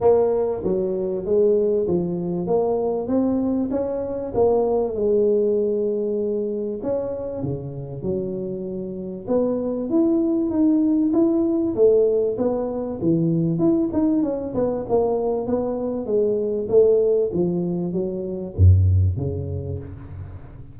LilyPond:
\new Staff \with { instrumentName = "tuba" } { \time 4/4 \tempo 4 = 97 ais4 fis4 gis4 f4 | ais4 c'4 cis'4 ais4 | gis2. cis'4 | cis4 fis2 b4 |
e'4 dis'4 e'4 a4 | b4 e4 e'8 dis'8 cis'8 b8 | ais4 b4 gis4 a4 | f4 fis4 fis,4 cis4 | }